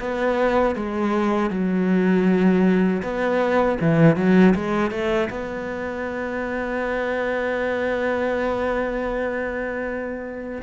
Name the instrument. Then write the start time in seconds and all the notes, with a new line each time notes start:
cello
0.00 B3
0.76 G#3
1.51 F#3
3.03 B3
3.81 E3
4.17 F#3
4.55 G#3
4.92 A3
5.30 B3